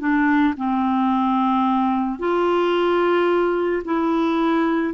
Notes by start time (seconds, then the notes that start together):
0.00 D4
0.58 C4
2.19 F4
3.85 E4